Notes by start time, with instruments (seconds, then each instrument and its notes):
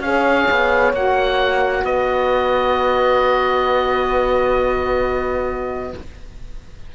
0.00 cello C#4, saxophone G#4, horn C#5, oboe F5
0.51 cello B3
0.93 cello A#3, saxophone F#4, oboe F#5
1.85 cello B3, horn B4, oboe D#5